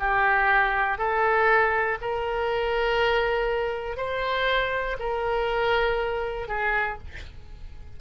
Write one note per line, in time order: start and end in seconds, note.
0.00 0.98 G4
0.98 1.98 A4
2.01 3.97 A#4
3.97 4.97 C5
4.99 6.48 A#4
6.48 6.98 G#4